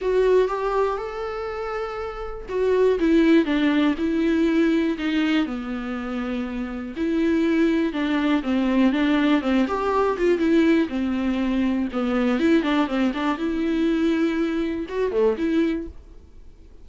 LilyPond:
\new Staff \with { instrumentName = "viola" } { \time 4/4 \tempo 4 = 121 fis'4 g'4 a'2~ | a'4 fis'4 e'4 d'4 | e'2 dis'4 b4~ | b2 e'2 |
d'4 c'4 d'4 c'8 g'8~ | g'8 f'8 e'4 c'2 | b4 e'8 d'8 c'8 d'8 e'4~ | e'2 fis'8 a8 e'4 | }